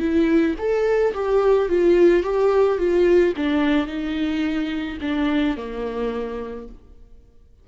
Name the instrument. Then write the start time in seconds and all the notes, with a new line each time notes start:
viola
0.00 E4
0.59 A4
1.14 G4
1.69 F4
2.24 G4
2.78 F4
3.37 D4
3.87 D#4
5.01 D4
5.57 A#3